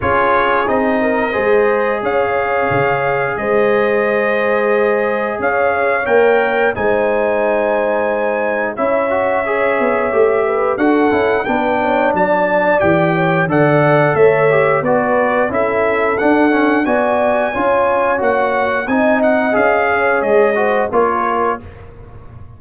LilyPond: <<
  \new Staff \with { instrumentName = "trumpet" } { \time 4/4 \tempo 4 = 89 cis''4 dis''2 f''4~ | f''4 dis''2. | f''4 g''4 gis''2~ | gis''4 e''2. |
fis''4 g''4 a''4 g''4 | fis''4 e''4 d''4 e''4 | fis''4 gis''2 fis''4 | gis''8 fis''8 f''4 dis''4 cis''4 | }
  \new Staff \with { instrumentName = "horn" } { \time 4/4 gis'4. ais'8 c''4 cis''4~ | cis''4 c''2. | cis''2 c''2~ | c''4 cis''2~ cis''8 b'8 |
a'4 b'8 cis''8 d''4. cis''8 | d''4 cis''4 b'4 a'4~ | a'4 d''4 cis''2 | dis''4. cis''4 c''8 ais'4 | }
  \new Staff \with { instrumentName = "trombone" } { \time 4/4 f'4 dis'4 gis'2~ | gis'1~ | gis'4 ais'4 dis'2~ | dis'4 e'8 fis'8 gis'4 g'4 |
fis'8 e'8 d'2 g'4 | a'4. g'8 fis'4 e'4 | d'8 cis'8 fis'4 f'4 fis'4 | dis'4 gis'4. fis'8 f'4 | }
  \new Staff \with { instrumentName = "tuba" } { \time 4/4 cis'4 c'4 gis4 cis'4 | cis4 gis2. | cis'4 ais4 gis2~ | gis4 cis'4. b8 a4 |
d'8 cis'8 b4 fis4 e4 | d4 a4 b4 cis'4 | d'4 b4 cis'4 ais4 | c'4 cis'4 gis4 ais4 | }
>>